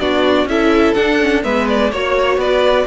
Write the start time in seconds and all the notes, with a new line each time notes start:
0.00 B3 D4 F#4 D5
0.45 C#4 E4 A4 E5
0.95 D4 F#5
1.21 C#4
1.43 G#3 B3 B4 E5
1.69 D5
1.92 A#3 F#4 C#5
2.38 B3 B4 D5